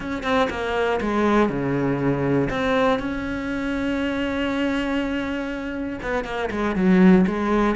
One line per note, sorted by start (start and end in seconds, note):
0.00 0.23 C#4
0.23 0.48 C4
0.50 1.00 A#3
1.00 1.49 G#3
1.49 2.49 C#3
2.50 2.99 C4
2.99 5.99 C#4
6.02 6.24 B3
6.24 6.49 A#3
6.50 6.75 G#3
6.75 7.25 F#3
7.26 7.75 G#3